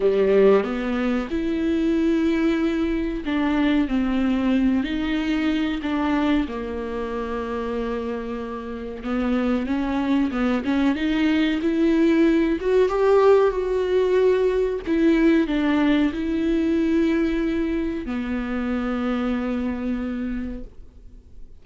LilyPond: \new Staff \with { instrumentName = "viola" } { \time 4/4 \tempo 4 = 93 g4 b4 e'2~ | e'4 d'4 c'4. dis'8~ | dis'4 d'4 ais2~ | ais2 b4 cis'4 |
b8 cis'8 dis'4 e'4. fis'8 | g'4 fis'2 e'4 | d'4 e'2. | b1 | }